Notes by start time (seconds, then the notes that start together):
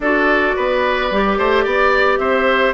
0.00 D4 F#4 A4 D5
0.56 B3 B4
1.11 G3 G4
1.38 A3 C5
1.63 B3 D5
2.18 C4 C5 E5